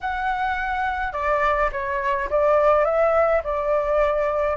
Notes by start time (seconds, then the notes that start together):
0.00 F#5
1.12 D5
1.72 C#5
2.30 D5
2.84 E5
3.43 D5